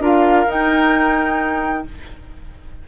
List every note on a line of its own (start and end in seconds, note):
0.00 0.46 D4
0.00 0.47 F4
0.00 1.85 A#4
0.00 0.51 F5
0.48 1.85 D#4
0.48 1.88 G5